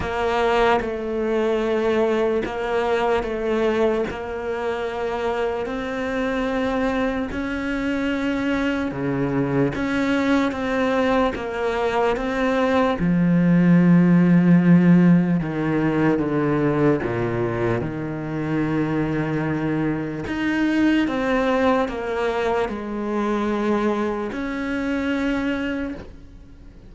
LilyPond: \new Staff \with { instrumentName = "cello" } { \time 4/4 \tempo 4 = 74 ais4 a2 ais4 | a4 ais2 c'4~ | c'4 cis'2 cis4 | cis'4 c'4 ais4 c'4 |
f2. dis4 | d4 ais,4 dis2~ | dis4 dis'4 c'4 ais4 | gis2 cis'2 | }